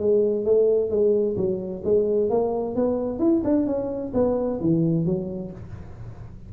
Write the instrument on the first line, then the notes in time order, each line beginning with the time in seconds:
tuba
0.00 G#3
0.45 A3
0.90 G#3
1.37 F#3
1.85 G#3
2.30 A#3
2.76 B3
3.20 E4
3.44 D4
3.67 C#4
4.14 B3
4.61 E3
5.06 F#3